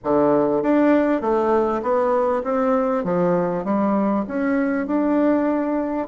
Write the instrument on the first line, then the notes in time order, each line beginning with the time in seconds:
bassoon
0.04 D3
0.62 D4
1.21 A3
1.82 B3
2.43 C4
3.04 F3
3.64 G3
4.27 C#4
4.86 D4